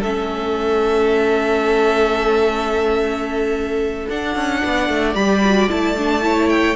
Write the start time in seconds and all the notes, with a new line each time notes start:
0.00 A3 C#4 A4 E5
4.09 D4 F#5
4.35 C#4
4.63 B3 D5
4.89 A3
5.15 G3 G4 B5
5.44 F#4
5.69 A3 E4 A5
5.97 D4
6.22 E4 C#5
6.49 G5